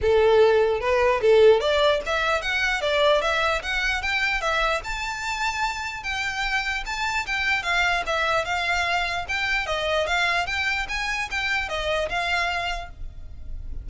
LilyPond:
\new Staff \with { instrumentName = "violin" } { \time 4/4 \tempo 4 = 149 a'2 b'4 a'4 | d''4 e''4 fis''4 d''4 | e''4 fis''4 g''4 e''4 | a''2. g''4~ |
g''4 a''4 g''4 f''4 | e''4 f''2 g''4 | dis''4 f''4 g''4 gis''4 | g''4 dis''4 f''2 | }